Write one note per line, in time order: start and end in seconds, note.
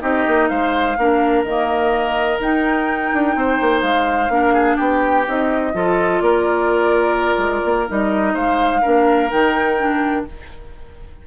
0.00 0.26 C4
0.00 0.95 D#4
0.00 0.50 G4
0.00 0.49 D#5
0.28 0.50 A#3
0.49 0.97 G#3
0.49 0.97 C5
0.49 1.44 F5
0.97 1.45 A#3
0.97 1.47 D4
0.97 3.37 A#4
1.44 2.40 D#3
1.44 2.40 A#3
1.44 2.39 D#5
2.40 4.30 D#4
2.40 3.12 D#4
2.40 3.82 G5
3.14 3.36 D4
3.36 3.60 C4
3.36 4.33 C5
3.61 3.83 A#3
3.82 4.29 G#3
3.82 4.77 F5
4.29 4.77 A#3
4.29 5.26 D4
4.29 4.54 A#4
4.54 4.77 G#4
4.77 5.27 B3
4.77 5.72 G4
4.77 5.26 G5
5.27 5.74 C4
5.27 5.74 D#4
5.27 6.21 D#5
5.74 6.21 F3
5.74 7.88 F4
5.74 6.23 A4
6.21 7.38 A#3
6.21 8.34 A#4
6.21 7.87 D5
7.38 7.62 G#3
7.65 7.89 A#3
7.88 8.35 G3
7.88 8.83 D#4
7.88 8.35 D#5
8.34 8.83 G#3
8.34 8.82 C5
8.34 9.31 F5
8.82 9.32 A#3
8.82 9.30 D4
8.82 10.25 A#4
9.30 10.28 D#3
9.30 9.77 D#4
9.30 10.26 G5
9.80 10.27 D4